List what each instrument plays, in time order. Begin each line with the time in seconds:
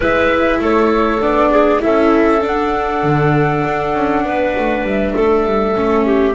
0.00 double bass G#3, viola E4, clarinet B4, flute E5
0.59 double bass A3, clarinet A4, flute C#5
1.20 double bass B3, viola D4, flute D5
1.50 clarinet G#4
1.79 double bass C#4, viola E4, clarinet A4, flute E5
2.41 viola D4, double bass D4, flute F#5
3.03 double bass D3
3.64 double bass D4
3.94 double bass C#4
4.24 double bass B3, clarinet B4
4.57 double bass A3
4.83 double bass G3, flute E5
5.15 double bass A3, clarinet A4
5.45 double bass G3
5.75 double bass A3, viola C#4
6.06 clarinet G4